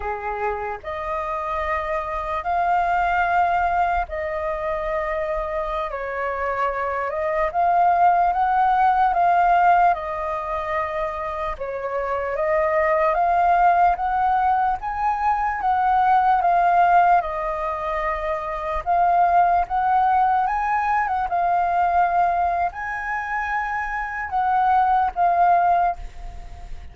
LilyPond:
\new Staff \with { instrumentName = "flute" } { \time 4/4 \tempo 4 = 74 gis'4 dis''2 f''4~ | f''4 dis''2~ dis''16 cis''8.~ | cis''8. dis''8 f''4 fis''4 f''8.~ | f''16 dis''2 cis''4 dis''8.~ |
dis''16 f''4 fis''4 gis''4 fis''8.~ | fis''16 f''4 dis''2 f''8.~ | f''16 fis''4 gis''8. fis''16 f''4.~ f''16 | gis''2 fis''4 f''4 | }